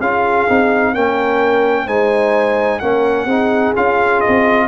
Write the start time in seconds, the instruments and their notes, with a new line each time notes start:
0.00 tuba C#4, trombone F4, horn G#4, trumpet F5
0.49 tuba C4, trombone D#4
0.94 tuba A#3, trombone C#4, horn A#4, trumpet G5
1.85 tuba G#3, trombone D#4, horn C5, trumpet G#5
2.79 tuba A#3, trombone C#4, horn A#4, trumpet F#5
3.25 tuba C4, trombone D#4, horn G#4
3.76 tuba C#4, trombone F4, trumpet F5
4.21 trumpet D#5
4.28 tuba C4